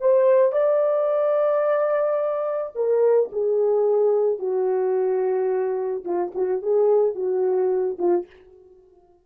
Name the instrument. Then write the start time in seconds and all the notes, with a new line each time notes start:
horn
0.00 C5
0.52 D5
2.74 A#4
3.32 G#4
4.39 F#4
6.04 F4
6.34 F#4
6.62 G#4
7.15 F#4
7.98 F4